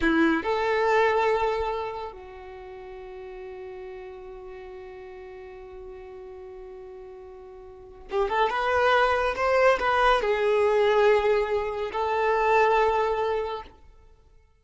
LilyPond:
\new Staff \with { instrumentName = "violin" } { \time 4/4 \tempo 4 = 141 e'4 a'2.~ | a'4 fis'2.~ | fis'1~ | fis'1~ |
fis'2. g'8 a'8 | b'2 c''4 b'4 | gis'1 | a'1 | }